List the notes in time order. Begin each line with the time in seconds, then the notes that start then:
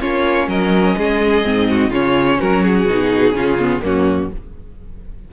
0.00 A#3 C#4 F4 C#5
0.47 F#3 A#4 D#5
0.97 G#3 G#4
1.44 G#2 C4
1.69 F#4
1.90 C#3 C#4 F4 C#5
2.39 F#3 F#4 A#4
2.63 G#4
2.86 B2 D#4
3.31 C#3 C#4 F4
3.59 B3
3.82 F#2 A#3 C#4 F#4